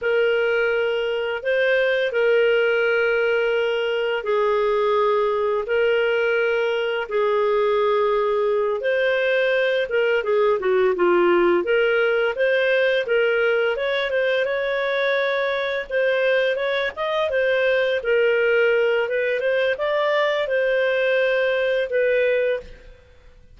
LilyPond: \new Staff \with { instrumentName = "clarinet" } { \time 4/4 \tempo 4 = 85 ais'2 c''4 ais'4~ | ais'2 gis'2 | ais'2 gis'2~ | gis'8 c''4. ais'8 gis'8 fis'8 f'8~ |
f'8 ais'4 c''4 ais'4 cis''8 | c''8 cis''2 c''4 cis''8 | dis''8 c''4 ais'4. b'8 c''8 | d''4 c''2 b'4 | }